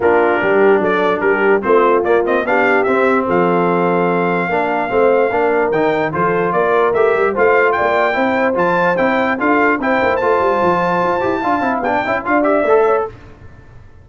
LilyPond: <<
  \new Staff \with { instrumentName = "trumpet" } { \time 4/4 \tempo 4 = 147 ais'2 d''4 ais'4 | c''4 d''8 dis''8 f''4 e''4 | f''1~ | f''2 g''4 c''4 |
d''4 e''4 f''4 g''4~ | g''4 a''4 g''4 f''4 | g''4 a''2.~ | a''4 g''4 f''8 e''4. | }
  \new Staff \with { instrumentName = "horn" } { \time 4/4 f'4 g'4 a'4 g'4 | f'2 g'2 | a'2. ais'4 | c''4 ais'2 a'4 |
ais'2 c''4 d''4 | c''2. a'4 | c''1 | f''4. e''8 d''4. cis''8 | }
  \new Staff \with { instrumentName = "trombone" } { \time 4/4 d'1 | c'4 ais8 c'8 d'4 c'4~ | c'2. d'4 | c'4 d'4 dis'4 f'4~ |
f'4 g'4 f'2 | e'4 f'4 e'4 f'4 | e'4 f'2~ f'8 g'8 | f'8 e'8 d'8 e'8 f'8 g'8 a'4 | }
  \new Staff \with { instrumentName = "tuba" } { \time 4/4 ais4 g4 fis4 g4 | a4 ais4 b4 c'4 | f2. ais4 | a4 ais4 dis4 f4 |
ais4 a8 g8 a4 ais4 | c'4 f4 c'4 d'4 | c'8 ais8 a8 g8 f4 f'8 e'8 | d'8 c'8 b8 cis'8 d'4 a4 | }
>>